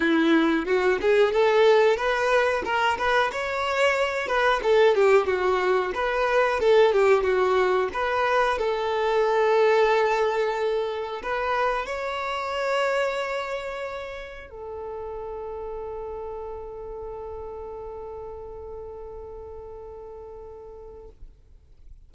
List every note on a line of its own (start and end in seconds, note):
0.00 0.65 E4
0.65 0.98 F#4
1.01 1.32 G#4
1.32 1.96 A4
1.96 2.62 B4
2.64 2.97 A#4
2.98 3.31 B4
3.32 4.27 C#5
4.27 4.60 B4
4.62 4.95 A4
4.95 5.26 G4
5.26 5.92 F#4
5.94 6.59 B4
6.59 6.92 A4
6.92 7.23 G4
7.23 7.89 F#4
7.93 8.58 B4
8.58 11.22 A4
11.22 11.86 B4
11.86 14.49 C#5
14.49 21.09 A4